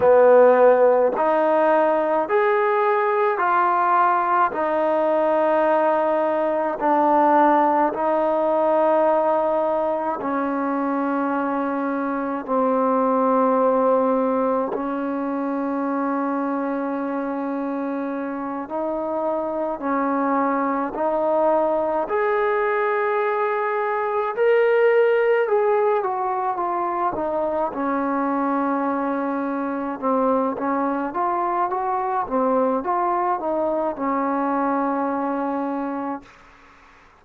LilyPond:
\new Staff \with { instrumentName = "trombone" } { \time 4/4 \tempo 4 = 53 b4 dis'4 gis'4 f'4 | dis'2 d'4 dis'4~ | dis'4 cis'2 c'4~ | c'4 cis'2.~ |
cis'8 dis'4 cis'4 dis'4 gis'8~ | gis'4. ais'4 gis'8 fis'8 f'8 | dis'8 cis'2 c'8 cis'8 f'8 | fis'8 c'8 f'8 dis'8 cis'2 | }